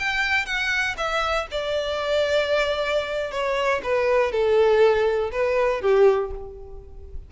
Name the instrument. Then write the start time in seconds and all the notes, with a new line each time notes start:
violin
0.00 G5
0.46 F#5
0.98 E5
1.51 D5
3.32 C#5
3.84 B4
4.32 A4
5.32 B4
5.82 G4